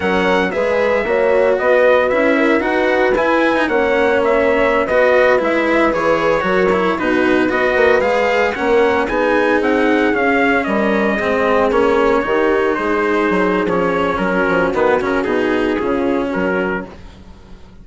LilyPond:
<<
  \new Staff \with { instrumentName = "trumpet" } { \time 4/4 \tempo 4 = 114 fis''4 e''2 dis''4 | e''4 fis''4 gis''4 fis''4 | e''4~ e''16 dis''4 e''4 cis''8.~ | cis''4~ cis''16 b'4 dis''4 f''8.~ |
f''16 fis''4 gis''4 fis''4 f''8.~ | f''16 dis''2 cis''4.~ cis''16~ | cis''16 c''4.~ c''16 cis''4 ais'4 | b'8 ais'8 gis'2 ais'4 | }
  \new Staff \with { instrumentName = "horn" } { \time 4/4 ais'4 b'4 cis''4 b'4~ | b'8 ais'8 b'2 cis''4~ | cis''4~ cis''16 b'2~ b'8.~ | b'16 ais'4 fis'4 b'4.~ b'16~ |
b'16 ais'4 gis'2~ gis'8.~ | gis'16 ais'4 gis'2 g'8.~ | g'16 gis'2~ gis'8. fis'4~ | fis'2 f'4 fis'4 | }
  \new Staff \with { instrumentName = "cello" } { \time 4/4 cis'4 gis'4 fis'2 | e'4 fis'4 e'8. dis'16 cis'4~ | cis'4~ cis'16 fis'4 e'4 gis'8.~ | gis'16 fis'8 e'8 dis'4 fis'4 gis'8.~ |
gis'16 cis'4 dis'2 cis'8.~ | cis'4~ cis'16 c'4 cis'4 dis'8.~ | dis'2 cis'2 | b8 cis'8 dis'4 cis'2 | }
  \new Staff \with { instrumentName = "bassoon" } { \time 4/4 fis4 gis4 ais4 b4 | cis'4 dis'4 e'4 ais4~ | ais4~ ais16 b4 gis4 e8.~ | e16 fis4 b,4 b8 ais8 gis8.~ |
gis16 ais4 b4 c'4 cis'8.~ | cis'16 g4 gis4 ais4 dis8.~ | dis16 gis4 fis8. f4 fis8 f8 | dis8 cis8 b,4 cis4 fis4 | }
>>